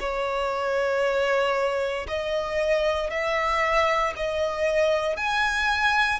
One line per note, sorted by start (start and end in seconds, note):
0.00 2.07 C#5
2.08 3.10 D#5
3.10 4.14 E5
4.16 5.17 D#5
5.17 6.20 G#5